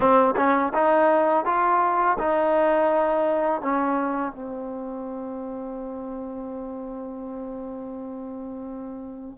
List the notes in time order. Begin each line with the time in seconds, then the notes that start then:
0.00 C4
0.36 C#4
0.74 D#4
1.45 F4
2.19 D#4
3.61 C#4
4.32 C4